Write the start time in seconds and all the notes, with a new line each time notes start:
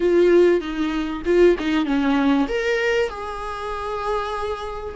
0.00 F4
0.60 D#4
1.25 F4
1.59 D#4
1.85 C#4
2.48 A#4
3.09 G#4